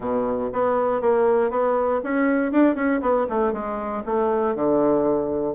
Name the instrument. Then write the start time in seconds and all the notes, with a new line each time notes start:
bassoon
0.00 B2
0.52 B3
1.01 A#3
1.50 B3
2.03 C#4
2.52 D4
2.75 C#4
3.01 B3
3.29 A3
3.52 G#3
4.05 A3
4.55 D3